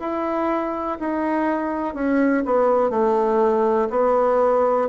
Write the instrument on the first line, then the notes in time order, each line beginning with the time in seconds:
bassoon
0.00 E4
1.00 D#4
1.95 C#4
2.45 B3
2.90 A3
3.90 B3